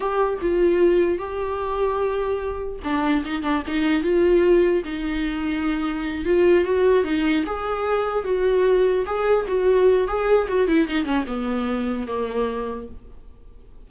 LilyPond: \new Staff \with { instrumentName = "viola" } { \time 4/4 \tempo 4 = 149 g'4 f'2 g'4~ | g'2. d'4 | dis'8 d'8 dis'4 f'2 | dis'2.~ dis'8 f'8~ |
f'8 fis'4 dis'4 gis'4.~ | gis'8 fis'2 gis'4 fis'8~ | fis'4 gis'4 fis'8 e'8 dis'8 cis'8 | b2 ais2 | }